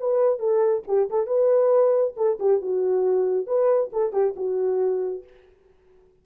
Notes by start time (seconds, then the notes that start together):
0.00 B4
0.39 A4
0.88 G4
1.10 A4
1.27 B4
2.17 A4
2.40 G4
2.62 F#4
3.47 B4
3.93 A4
4.13 G4
4.36 F#4